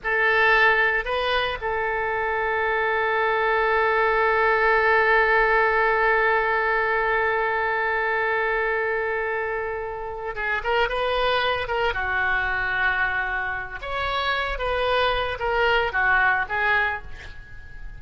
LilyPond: \new Staff \with { instrumentName = "oboe" } { \time 4/4 \tempo 4 = 113 a'2 b'4 a'4~ | a'1~ | a'1~ | a'1~ |
a'2.~ a'8 gis'8 | ais'8 b'4. ais'8 fis'4.~ | fis'2 cis''4. b'8~ | b'4 ais'4 fis'4 gis'4 | }